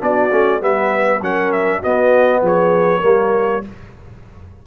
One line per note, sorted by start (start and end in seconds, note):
0.00 0.32 B3
0.00 0.30 D4
0.00 0.61 F#4
0.00 0.63 D5
0.32 0.62 A3
0.32 0.60 C#4
0.60 1.21 G3
0.60 1.20 B3
0.60 1.21 B4
0.60 1.23 E5
1.21 1.81 F#3
1.21 1.83 C#4
1.21 1.80 A#4
1.21 1.53 F#5
1.53 1.82 E5
1.80 3.02 B3
1.80 2.42 B3
1.80 2.40 F#4
1.80 2.44 D#5
2.42 3.02 F3
2.42 3.00 G#4
2.42 3.67 C#5
3.00 3.64 G3
3.00 3.62 A#3
3.00 3.60 A#4